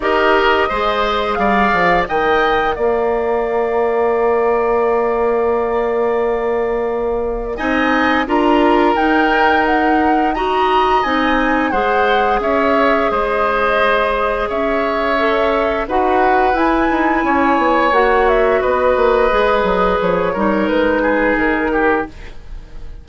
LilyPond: <<
  \new Staff \with { instrumentName = "flute" } { \time 4/4 \tempo 4 = 87 dis''2 f''4 g''4 | f''1~ | f''2. gis''4 | ais''4 g''4 fis''4 ais''4 |
gis''4 fis''4 e''4 dis''4~ | dis''4 e''2 fis''4 | gis''2 fis''8 e''8 dis''4~ | dis''4 cis''4 b'4 ais'4 | }
  \new Staff \with { instrumentName = "oboe" } { \time 4/4 ais'4 c''4 d''4 dis''4 | d''1~ | d''2. dis''4 | ais'2. dis''4~ |
dis''4 c''4 cis''4 c''4~ | c''4 cis''2 b'4~ | b'4 cis''2 b'4~ | b'4. ais'4 gis'4 g'8 | }
  \new Staff \with { instrumentName = "clarinet" } { \time 4/4 g'4 gis'2 ais'4~ | ais'1~ | ais'2. dis'4 | f'4 dis'2 fis'4 |
dis'4 gis'2.~ | gis'2 a'4 fis'4 | e'2 fis'2 | gis'4. dis'2~ dis'8 | }
  \new Staff \with { instrumentName = "bassoon" } { \time 4/4 dis'4 gis4 g8 f8 dis4 | ais1~ | ais2. c'4 | d'4 dis'2. |
c'4 gis4 cis'4 gis4~ | gis4 cis'2 dis'4 | e'8 dis'8 cis'8 b8 ais4 b8 ais8 | gis8 fis8 f8 g8 gis4 dis4 | }
>>